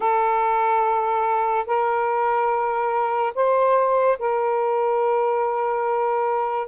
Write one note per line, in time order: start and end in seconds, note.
0.00 1.66 A4
1.66 3.33 A#4
3.34 4.17 C5
4.18 6.67 A#4